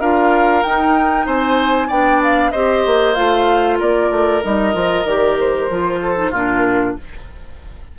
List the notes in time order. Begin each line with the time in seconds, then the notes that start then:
0.00 D4 F4 A#4 F5
0.63 D#4 G5
1.26 C4 C5 G#5
1.88 B3 D4 D5 G5
2.24 F5
2.51 C4 G4 C5 D#5
2.86 A#3
3.14 A3 F4 F5
3.79 A#3 A#4 D5
4.11 A3
4.43 G3 D#4 D#5
4.73 F3 F4
5.05 D#3 G4 D5
5.40 C5
5.70 F3 F4
6.02 A4
6.16 D#4
6.31 A#2 D4 F4 A#4